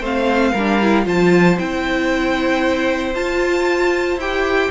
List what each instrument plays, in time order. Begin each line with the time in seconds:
0.00 cello A3, viola C4, violin C5 F5
0.52 cello G3, viola D4, violin A#4
0.82 viola E4
1.04 cello F3, viola F4, violin C5 A5
1.58 cello C4, viola E4, violin G5
3.15 cello F4, viola F4, violin A5
4.17 cello E4, viola G4, violin G5